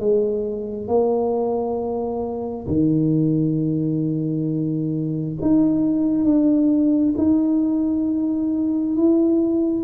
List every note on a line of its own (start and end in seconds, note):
0.00 0.88 G#3
0.88 2.67 A#3
2.68 5.36 D#3
5.41 6.25 D#4
6.25 7.15 D4
7.18 8.97 D#4
8.97 9.84 E4